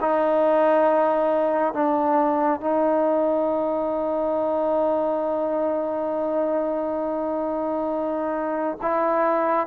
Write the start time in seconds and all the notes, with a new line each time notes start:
0.00 D#4
1.74 D4
2.60 D#4
8.81 E4